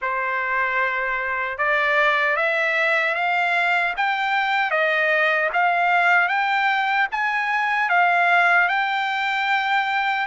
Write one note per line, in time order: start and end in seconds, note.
0.01 1.58 C5
1.58 2.36 D5
2.36 3.14 E5
3.14 3.93 F5
3.97 4.70 G5
4.70 5.49 D#5
5.53 6.28 F5
6.28 7.07 G5
7.11 7.89 G#5
7.89 8.68 F5
8.68 10.26 G5